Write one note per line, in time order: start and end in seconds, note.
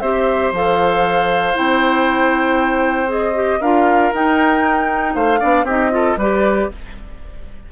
0.00 0.52 C4
0.00 0.55 G4
0.00 3.60 C5
0.00 0.51 E5
0.53 1.55 F3
0.53 1.54 A4
0.53 1.57 F5
1.54 3.61 C4
1.54 3.08 E4
1.54 3.11 G5
3.08 3.33 G#4
3.08 3.62 D#5
3.35 3.60 G4
3.60 4.12 D4
3.60 4.13 F4
3.60 5.14 A#4
3.60 4.13 F5
4.13 5.15 D#4
4.13 5.39 D#4
4.13 5.15 G5
5.15 5.41 A3
5.15 5.40 C5
5.15 5.66 F5
5.39 5.64 B3
5.39 5.64 D4
5.39 5.65 D5
5.64 6.15 C4
5.64 5.91 D#4
5.64 5.90 G4
5.64 6.19 D#5
5.91 6.17 F4
5.91 6.19 A4
6.17 6.68 G3
6.17 6.72 G4
6.17 6.70 B4
6.17 6.72 D5